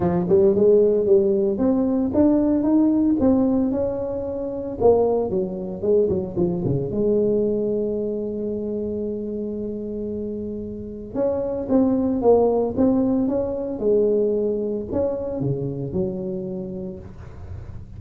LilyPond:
\new Staff \with { instrumentName = "tuba" } { \time 4/4 \tempo 4 = 113 f8 g8 gis4 g4 c'4 | d'4 dis'4 c'4 cis'4~ | cis'4 ais4 fis4 gis8 fis8 | f8 cis8 gis2.~ |
gis1~ | gis4 cis'4 c'4 ais4 | c'4 cis'4 gis2 | cis'4 cis4 fis2 | }